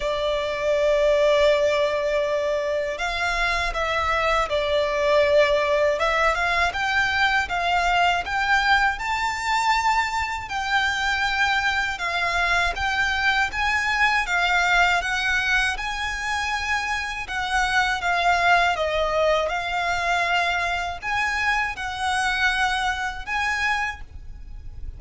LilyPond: \new Staff \with { instrumentName = "violin" } { \time 4/4 \tempo 4 = 80 d''1 | f''4 e''4 d''2 | e''8 f''8 g''4 f''4 g''4 | a''2 g''2 |
f''4 g''4 gis''4 f''4 | fis''4 gis''2 fis''4 | f''4 dis''4 f''2 | gis''4 fis''2 gis''4 | }